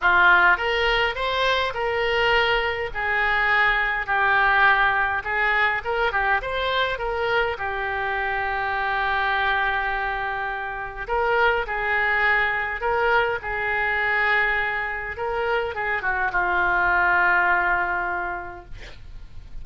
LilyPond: \new Staff \with { instrumentName = "oboe" } { \time 4/4 \tempo 4 = 103 f'4 ais'4 c''4 ais'4~ | ais'4 gis'2 g'4~ | g'4 gis'4 ais'8 g'8 c''4 | ais'4 g'2.~ |
g'2. ais'4 | gis'2 ais'4 gis'4~ | gis'2 ais'4 gis'8 fis'8 | f'1 | }